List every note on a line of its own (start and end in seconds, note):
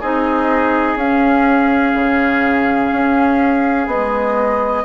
0.00 0.95 C4
0.00 0.98 D#4
0.00 4.84 G#4
0.00 0.97 D#5
0.95 1.92 C#4
0.95 3.88 C#4
0.95 3.89 F5
1.94 2.91 C#3
2.92 3.87 C#4
3.87 4.84 G#3
3.87 4.83 B3
3.87 4.84 D#5